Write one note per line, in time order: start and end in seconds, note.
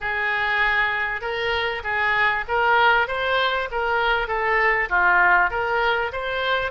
0.00 1.21 G#4
1.21 1.82 A#4
1.83 2.44 G#4
2.48 3.07 A#4
3.07 3.68 C5
3.71 4.27 A#4
4.27 4.88 A4
4.89 5.50 F4
5.50 6.11 A#4
6.12 6.71 C5